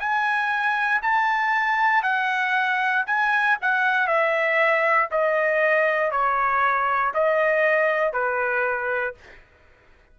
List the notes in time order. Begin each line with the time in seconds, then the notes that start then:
0.00 G#5
1.02 A5
2.03 F#5
3.07 G#5
3.62 F#5
4.08 E5
5.12 D#5
6.12 C#5
7.14 D#5
8.13 B4